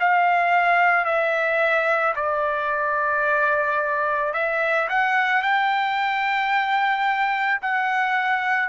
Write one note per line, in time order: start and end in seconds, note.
0.00 1.06 F5
1.06 2.15 E5
2.16 4.34 D5
4.34 4.88 E5
4.90 5.42 F#5
5.42 7.61 G5
7.63 8.70 F#5